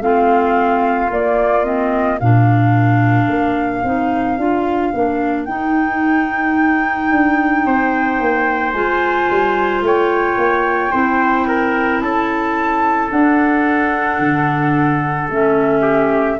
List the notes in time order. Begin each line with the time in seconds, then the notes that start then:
0.00 A3 C4 F4 F5
1.10 A#3 D5
1.64 C4 D#5
2.19 A#2 D4 A#4 F5
3.28 A#3
3.83 C4 D#4
4.38 D4 F4
4.93 A#3 D4
5.44 D#4 G5
7.11 D4
7.65 C4 C5
8.19 A#3
8.72 G#3 F4 G#5
9.30 G3
9.81 A3 C#5 G5
10.37 A#3
10.91 C4 E4 C5
11.47 A#4
12.01 C#4 A4 A5
13.10 D4 F#5
14.19 D3
15.29 A3 C#4 E5
15.82 G4